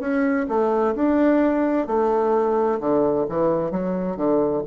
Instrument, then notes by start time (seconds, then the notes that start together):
bassoon
0.00 C#4
0.48 A3
0.95 D4
1.87 A3
2.80 D3
3.29 E3
3.71 F#3
4.17 D3